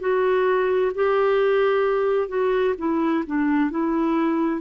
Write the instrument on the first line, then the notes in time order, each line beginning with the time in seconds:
clarinet
0.00 F#4
0.95 G4
2.28 F#4
2.78 E4
3.26 D4
3.70 E4